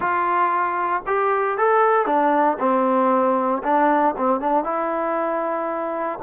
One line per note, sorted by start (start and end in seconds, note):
0.00 1.02 F4
1.06 1.57 G4
1.57 2.05 A4
2.05 2.57 D4
2.59 3.62 C4
3.63 4.14 D4
4.17 4.40 C4
4.40 4.64 D4
4.64 6.19 E4